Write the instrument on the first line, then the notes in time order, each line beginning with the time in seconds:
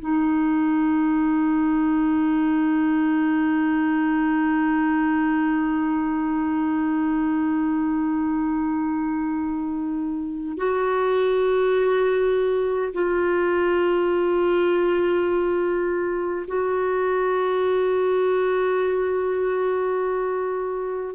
clarinet
0.00 D#4
10.58 F#4
12.94 F4
16.48 F#4